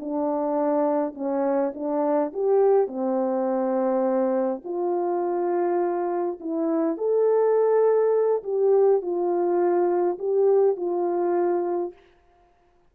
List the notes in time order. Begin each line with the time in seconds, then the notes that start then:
0.00 D4
1.14 C#4
1.74 D4
2.34 G4
2.88 C4
4.64 F4
6.41 E4
6.97 A4
8.44 G4
9.02 F4
10.19 G4
10.77 F4